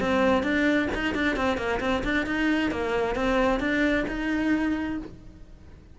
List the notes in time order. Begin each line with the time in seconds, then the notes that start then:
0.00 C4
0.43 D4
0.94 D#4
1.14 D4
1.36 C4
1.57 A#3
1.80 C4
2.04 D4
2.26 D#4
2.71 A#3
3.15 C4
3.60 D4
4.07 D#4